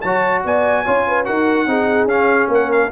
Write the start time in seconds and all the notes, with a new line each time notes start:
0.00 F#3 F#4 C#5 A5
0.44 B3 D5 G#5
0.84 C#4 F4 C#5
1.07 B4
1.25 D#4 F#4 A#4 F#5
1.66 C4 D#4 G#4
2.04 C#4 F5
2.48 A#3 A#4 F#5
2.71 F5